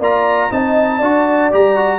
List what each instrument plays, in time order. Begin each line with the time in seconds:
0.00 tuba A#3, trombone F4, horn D5, trumpet A#5
0.51 tuba C4, trombone D#4, horn D#5, trumpet A5
0.99 tuba D4, trombone F#4, horn D5
1.52 tuba G3, trombone G4, trumpet A#5
1.76 trombone F#4